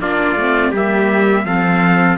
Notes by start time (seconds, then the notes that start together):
0.00 A#3 D4 F4 D5
0.36 A3 C4
0.71 G3 A#3 G4 E5
1.45 F3 C4 A4 F5